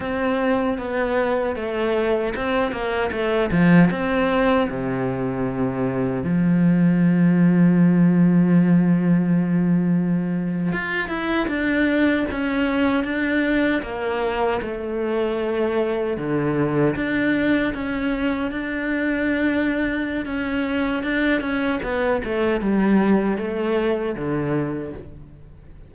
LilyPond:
\new Staff \with { instrumentName = "cello" } { \time 4/4 \tempo 4 = 77 c'4 b4 a4 c'8 ais8 | a8 f8 c'4 c2 | f1~ | f4.~ f16 f'8 e'8 d'4 cis'16~ |
cis'8. d'4 ais4 a4~ a16~ | a8. d4 d'4 cis'4 d'16~ | d'2 cis'4 d'8 cis'8 | b8 a8 g4 a4 d4 | }